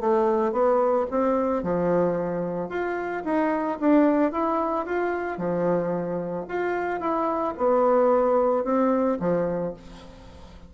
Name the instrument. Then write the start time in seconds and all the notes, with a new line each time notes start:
bassoon
0.00 A3
0.52 B3
1.11 C4
1.63 F3
2.69 F4
3.25 D#4
3.80 D4
4.32 E4
4.86 F4
5.38 F3
6.48 F4
7.00 E4
7.57 B3
8.64 C4
9.19 F3